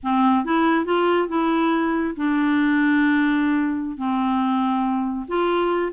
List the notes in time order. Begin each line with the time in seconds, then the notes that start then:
0.03 C4
0.44 E4
0.85 F4
1.28 E4
2.16 D4
3.97 C4
5.27 F4